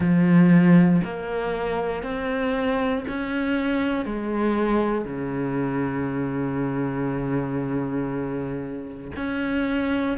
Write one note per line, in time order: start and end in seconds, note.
0.00 1.01 F3
1.04 2.02 A#3
2.02 3.04 C4
3.07 4.04 C#4
4.04 5.04 G#3
5.04 9.11 C#3
9.15 10.17 C#4